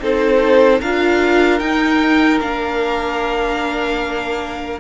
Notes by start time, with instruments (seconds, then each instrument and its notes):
0.00 cello C4, viola D#4, violin A4 C5
0.81 cello D4, viola F4, violin A#4 F5
1.59 viola D#4, cello D#4, violin G5
2.41 cello A#3, viola D4, violin F5